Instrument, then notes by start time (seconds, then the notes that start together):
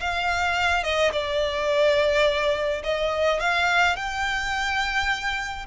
violin
0.00 F5
0.84 D#5
1.13 D5
2.84 D#5
3.40 F5
3.96 G5